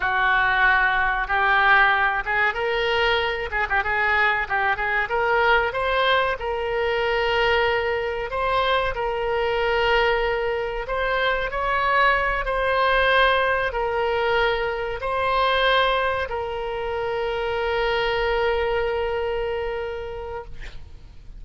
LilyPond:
\new Staff \with { instrumentName = "oboe" } { \time 4/4 \tempo 4 = 94 fis'2 g'4. gis'8 | ais'4. gis'16 g'16 gis'4 g'8 gis'8 | ais'4 c''4 ais'2~ | ais'4 c''4 ais'2~ |
ais'4 c''4 cis''4. c''8~ | c''4. ais'2 c''8~ | c''4. ais'2~ ais'8~ | ais'1 | }